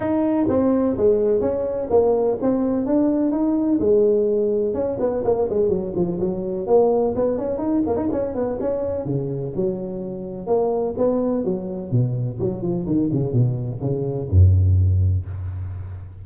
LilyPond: \new Staff \with { instrumentName = "tuba" } { \time 4/4 \tempo 4 = 126 dis'4 c'4 gis4 cis'4 | ais4 c'4 d'4 dis'4 | gis2 cis'8 b8 ais8 gis8 | fis8 f8 fis4 ais4 b8 cis'8 |
dis'8 ais16 dis'16 cis'8 b8 cis'4 cis4 | fis2 ais4 b4 | fis4 b,4 fis8 f8 dis8 cis8 | b,4 cis4 fis,2 | }